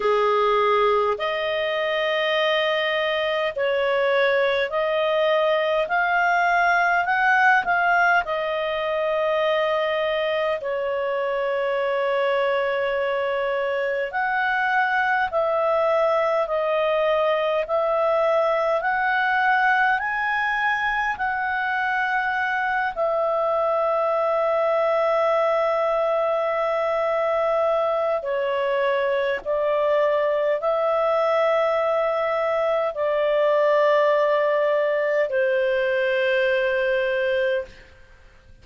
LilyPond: \new Staff \with { instrumentName = "clarinet" } { \time 4/4 \tempo 4 = 51 gis'4 dis''2 cis''4 | dis''4 f''4 fis''8 f''8 dis''4~ | dis''4 cis''2. | fis''4 e''4 dis''4 e''4 |
fis''4 gis''4 fis''4. e''8~ | e''1 | cis''4 d''4 e''2 | d''2 c''2 | }